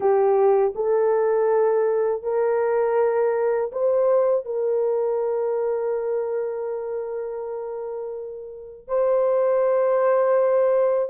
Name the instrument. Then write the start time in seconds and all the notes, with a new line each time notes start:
horn
0.00 G4
0.75 A4
2.23 A#4
3.72 C5
4.45 A#4
8.87 C5